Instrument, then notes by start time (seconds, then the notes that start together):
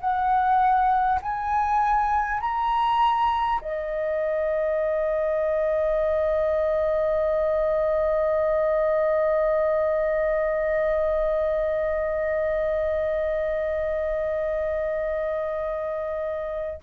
flute
0.00 F#5
1.22 G#5
2.40 A#5
3.61 D#5